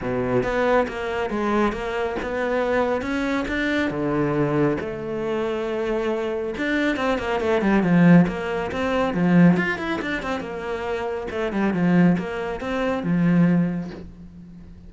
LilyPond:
\new Staff \with { instrumentName = "cello" } { \time 4/4 \tempo 4 = 138 b,4 b4 ais4 gis4 | ais4 b2 cis'4 | d'4 d2 a4~ | a2. d'4 |
c'8 ais8 a8 g8 f4 ais4 | c'4 f4 f'8 e'8 d'8 c'8 | ais2 a8 g8 f4 | ais4 c'4 f2 | }